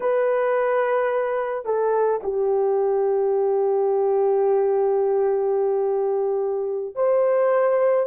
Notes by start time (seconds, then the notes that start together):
0.00 B4
1.65 A4
2.23 G4
6.95 C5